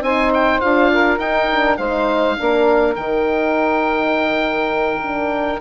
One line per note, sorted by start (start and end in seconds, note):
0.00 0.59 C4
0.00 0.60 D#4
0.00 0.92 C5
0.00 0.32 G#5
0.33 0.60 G5
0.60 1.18 D4
0.60 1.19 F4
0.60 1.18 F5
0.92 1.77 A#4
1.18 1.77 D#4
1.18 1.50 D#4
1.18 1.77 G5
1.50 1.79 D4
1.77 2.37 G#3
1.77 2.37 D#4
1.77 2.36 C5
1.77 2.95 F5
2.37 2.96 A#3
2.37 2.95 D4
2.37 5.60 A#4
2.95 5.60 D#3
2.95 5.01 D#4
2.95 5.60 G5
5.02 5.60 D4